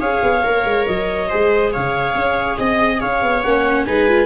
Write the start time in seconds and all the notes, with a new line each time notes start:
0.00 C#4 G#4 C#5 F5
0.23 B3
0.43 A#3 A#4
0.65 G#3
0.87 F#3 D#5
1.29 G#3 G#4 C5
1.73 C#3 C#5 F5
2.15 C#4
2.58 C4 D#5
3.00 C#4 C#5 F5
3.22 B3
3.43 A#3 C#4 F#5
3.86 G#3 D#4 B4 G#5
4.09 F4